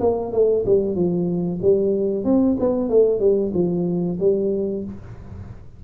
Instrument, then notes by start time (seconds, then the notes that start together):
tuba
0.00 A#3
0.32 A3
0.66 G3
0.95 F3
1.62 G3
2.25 C4
2.60 B3
2.89 A3
3.20 G3
3.54 F3
4.20 G3